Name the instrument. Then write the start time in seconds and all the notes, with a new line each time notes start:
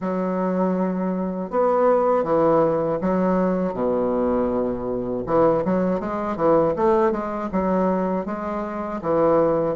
bassoon
0.00 F#3
1.50 B3
2.23 E3
3.01 F#3
3.73 B2
5.26 E3
5.65 F#3
6.00 G#3
6.36 E3
6.75 A3
7.11 G#3
7.51 F#3
8.25 G#3
9.01 E3